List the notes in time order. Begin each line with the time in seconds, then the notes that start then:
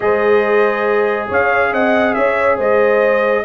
0.00 G#3 G#4 C5 D#5
1.28 C#4 C#5 F5
1.71 C4 D#5 F#5
2.13 C#4 C#5 E5
2.57 G#3 C5 D#5